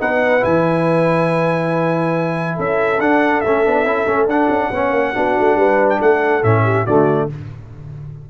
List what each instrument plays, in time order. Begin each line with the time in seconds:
0.00 tuba B3, trombone D#4, horn B4, trumpet F#5
0.41 tuba E3, trombone E4, trumpet G#5
2.56 tuba C#4, horn A4, trumpet E5
2.99 tuba D4, trombone D4, trumpet F#5
3.41 tuba A3, trombone C#4, trumpet E5
3.66 tuba B3, trombone D4
3.85 tuba C#4, trombone E4
4.07 tuba A3, trombone C#4
4.27 tuba D4, trombone D4, trumpet F#5
4.49 tuba C#4
4.71 tuba B3, trombone C#4, horn C#5
4.92 tuba A#3
5.15 tuba B3, trombone D4, horn F#4
5.40 tuba A3
5.56 tuba G3, horn B4
5.90 trumpet G5
5.99 tuba A3, horn A4, trumpet F#5
6.43 tuba A2, trombone C#4, trumpet E5
6.64 horn G4
6.85 tuba D3, trombone A3, horn F#4, trumpet D5